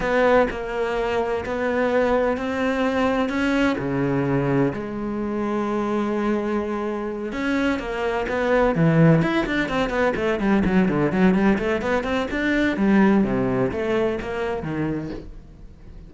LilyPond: \new Staff \with { instrumentName = "cello" } { \time 4/4 \tempo 4 = 127 b4 ais2 b4~ | b4 c'2 cis'4 | cis2 gis2~ | gis2.~ gis8 cis'8~ |
cis'8 ais4 b4 e4 e'8 | d'8 c'8 b8 a8 g8 fis8 d8 fis8 | g8 a8 b8 c'8 d'4 g4 | c4 a4 ais4 dis4 | }